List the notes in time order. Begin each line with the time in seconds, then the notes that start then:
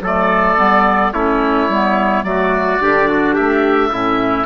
0.00 F#3 A3 A4
0.06 D5
0.57 G3 B3
1.12 A3 C#4 E4 C#5
1.68 G3 B3
2.23 F#3 A3 F#4 D5
2.81 D3 D4 G4
3.08 F#4
3.34 A3 G4 E5
3.91 A2 C#4 E4